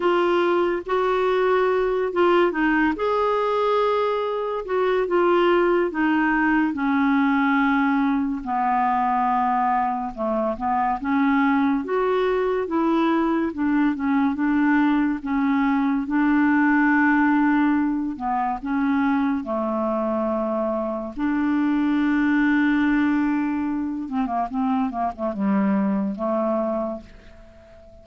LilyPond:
\new Staff \with { instrumentName = "clarinet" } { \time 4/4 \tempo 4 = 71 f'4 fis'4. f'8 dis'8 gis'8~ | gis'4. fis'8 f'4 dis'4 | cis'2 b2 | a8 b8 cis'4 fis'4 e'4 |
d'8 cis'8 d'4 cis'4 d'4~ | d'4. b8 cis'4 a4~ | a4 d'2.~ | d'8 c'16 ais16 c'8 ais16 a16 g4 a4 | }